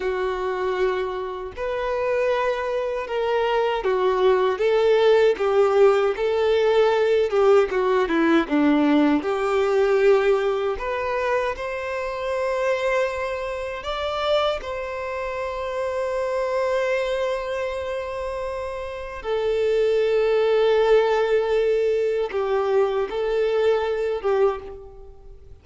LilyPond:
\new Staff \with { instrumentName = "violin" } { \time 4/4 \tempo 4 = 78 fis'2 b'2 | ais'4 fis'4 a'4 g'4 | a'4. g'8 fis'8 e'8 d'4 | g'2 b'4 c''4~ |
c''2 d''4 c''4~ | c''1~ | c''4 a'2.~ | a'4 g'4 a'4. g'8 | }